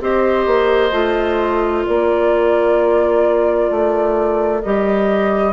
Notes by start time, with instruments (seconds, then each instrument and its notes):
0.00 bassoon C4, clarinet G4, oboe C5, flute D#5
0.46 bassoon A#3
0.91 bassoon A3, clarinet F4
1.85 bassoon A#3, oboe A#4, flute D5
3.70 bassoon A3
4.62 bassoon G3, clarinet G4, flute D#5